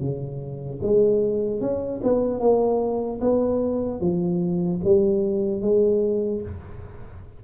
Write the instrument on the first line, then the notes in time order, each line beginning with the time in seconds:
tuba
0.00 C#3
0.82 G#3
1.61 C#4
2.03 B3
2.40 A#3
3.20 B3
4.00 F3
4.84 G3
5.61 G#3